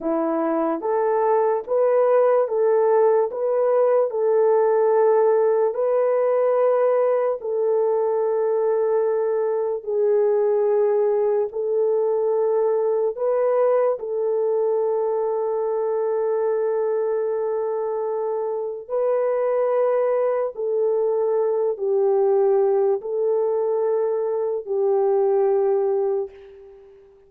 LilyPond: \new Staff \with { instrumentName = "horn" } { \time 4/4 \tempo 4 = 73 e'4 a'4 b'4 a'4 | b'4 a'2 b'4~ | b'4 a'2. | gis'2 a'2 |
b'4 a'2.~ | a'2. b'4~ | b'4 a'4. g'4. | a'2 g'2 | }